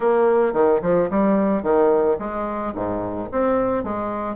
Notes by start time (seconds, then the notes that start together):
0.00 A#3
0.53 D#3
0.82 F3
1.10 G3
1.62 D#3
2.18 G#3
2.74 G#2
3.31 C4
3.83 G#3